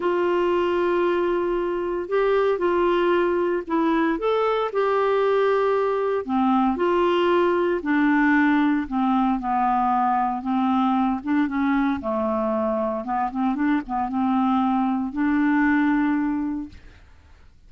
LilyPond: \new Staff \with { instrumentName = "clarinet" } { \time 4/4 \tempo 4 = 115 f'1 | g'4 f'2 e'4 | a'4 g'2. | c'4 f'2 d'4~ |
d'4 c'4 b2 | c'4. d'8 cis'4 a4~ | a4 b8 c'8 d'8 b8 c'4~ | c'4 d'2. | }